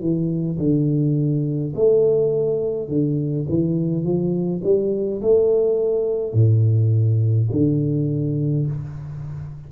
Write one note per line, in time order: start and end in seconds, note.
0.00 0.58 E3
0.58 1.74 D3
1.75 2.88 A3
2.88 3.46 D3
3.48 4.03 E3
4.03 4.61 F3
4.63 5.21 G3
5.21 6.33 A3
6.33 7.48 A2
7.51 8.66 D3